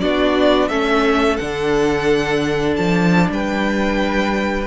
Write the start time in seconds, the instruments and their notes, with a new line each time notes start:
0.00 cello B3, viola D4, violin F#4 D5
0.69 cello A3, viola C#4, violin A4 E5
1.37 cello D3, viola D4, violin F#5
2.77 cello F3, violin A5
3.30 cello G3, violin B4 G5